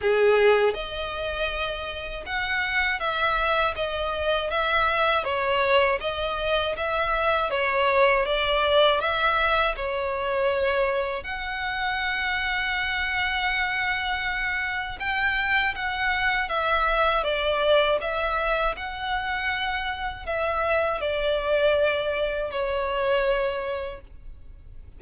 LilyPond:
\new Staff \with { instrumentName = "violin" } { \time 4/4 \tempo 4 = 80 gis'4 dis''2 fis''4 | e''4 dis''4 e''4 cis''4 | dis''4 e''4 cis''4 d''4 | e''4 cis''2 fis''4~ |
fis''1 | g''4 fis''4 e''4 d''4 | e''4 fis''2 e''4 | d''2 cis''2 | }